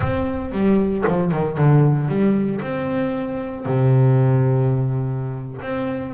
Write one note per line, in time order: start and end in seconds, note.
0.00 0.51 C4
0.52 1.04 G3
1.07 1.31 F3
1.31 1.57 D#3
1.57 2.08 D3
2.08 2.60 G3
2.61 3.65 C4
3.65 5.61 C3
5.61 6.13 C4